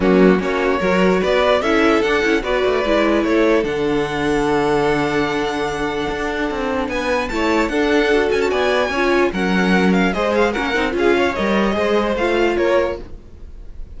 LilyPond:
<<
  \new Staff \with { instrumentName = "violin" } { \time 4/4 \tempo 4 = 148 fis'4 cis''2 d''4 | e''4 fis''4 d''2 | cis''4 fis''2.~ | fis''1~ |
fis''4 gis''4 a''4 fis''4~ | fis''8 gis''16 a''16 gis''2 fis''4~ | fis''8 f''8 dis''8 f''8 fis''4 f''4 | dis''2 f''4 cis''4 | }
  \new Staff \with { instrumentName = "violin" } { \time 4/4 cis'4 fis'4 ais'4 b'4 | a'2 b'2 | a'1~ | a'1~ |
a'4 b'4 cis''4 a'4~ | a'4 d''4 cis''4 ais'4~ | ais'4 c''4 ais'4 gis'8 cis''8~ | cis''4 c''2 ais'4 | }
  \new Staff \with { instrumentName = "viola" } { \time 4/4 ais4 cis'4 fis'2 | e'4 d'8 e'8 fis'4 e'4~ | e'4 d'2.~ | d'1~ |
d'2 e'4 d'4 | fis'2 f'4 cis'4~ | cis'4 gis'4 cis'8 dis'8 f'4 | ais'4 gis'4 f'2 | }
  \new Staff \with { instrumentName = "cello" } { \time 4/4 fis4 ais4 fis4 b4 | cis'4 d'8 cis'8 b8 a8 gis4 | a4 d2.~ | d2. d'4 |
c'4 b4 a4 d'4~ | d'8 cis'8 b4 cis'4 fis4~ | fis4 gis4 ais8 c'8 cis'4 | g4 gis4 a4 ais4 | }
>>